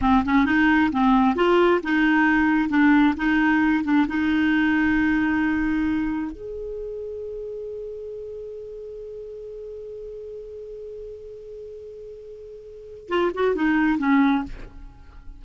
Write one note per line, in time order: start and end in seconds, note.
0.01 0.23 C4
0.25 0.45 C#4
0.45 0.90 D#4
0.91 1.35 C4
1.35 1.80 F4
1.83 2.69 D#4
2.69 3.14 D4
3.17 3.83 D#4
3.83 4.06 D4
4.08 6.32 D#4
6.32 13.08 G#4
13.08 13.31 F4
13.34 13.55 F#4
13.55 13.98 D#4
13.98 14.43 C#4